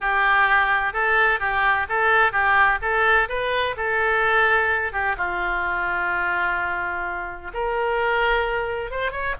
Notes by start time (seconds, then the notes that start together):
0.00 G4
0.93 A4
1.39 G4
1.88 A4
2.32 G4
2.81 A4
3.28 B4
3.76 A4
4.92 G4
5.17 F4
7.53 A#4
8.90 C5
9.11 C#5